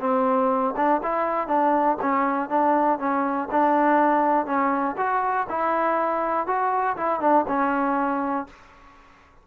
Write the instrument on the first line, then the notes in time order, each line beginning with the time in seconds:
trombone
0.00 C4
0.76 D4
1.03 E4
1.48 D4
2.02 C#4
2.49 D4
2.99 C#4
3.51 D4
4.46 C#4
4.97 F#4
5.49 E4
6.47 F#4
6.97 E4
7.20 D4
7.47 C#4